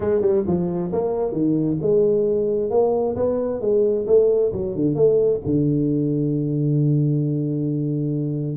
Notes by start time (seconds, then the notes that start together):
0.00 G#3
0.21 G3
0.46 F3
0.92 A#3
1.32 D#3
1.81 G#3
2.70 A#3
3.16 B3
3.60 G#3
4.06 A3
4.52 F#3
4.75 D3
4.95 A3
5.45 D3